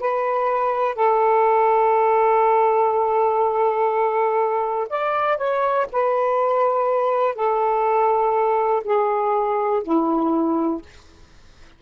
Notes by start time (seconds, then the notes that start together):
0.00 B4
0.95 A4
4.90 D5
5.37 C#5
5.92 B4
7.35 A4
8.84 G#4
9.84 E4